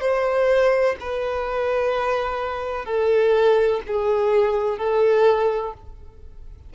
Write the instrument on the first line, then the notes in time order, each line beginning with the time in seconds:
violin
0.00 C5
1.00 B4
2.85 A4
3.87 G#4
4.77 A4